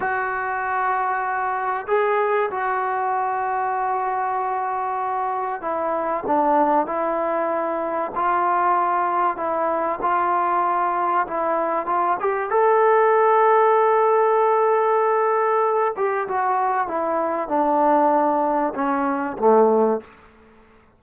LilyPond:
\new Staff \with { instrumentName = "trombone" } { \time 4/4 \tempo 4 = 96 fis'2. gis'4 | fis'1~ | fis'4 e'4 d'4 e'4~ | e'4 f'2 e'4 |
f'2 e'4 f'8 g'8 | a'1~ | a'4. g'8 fis'4 e'4 | d'2 cis'4 a4 | }